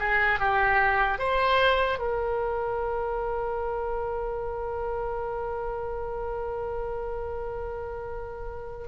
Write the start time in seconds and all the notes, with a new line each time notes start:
0.00 G#4
0.40 G4
1.19 C5
1.99 A#4